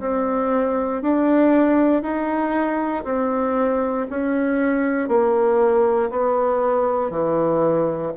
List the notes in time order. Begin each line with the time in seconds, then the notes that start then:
0.00 C4
1.02 D4
2.02 D#4
3.04 C4
4.10 C#4
5.08 A#3
6.10 B3
7.10 E3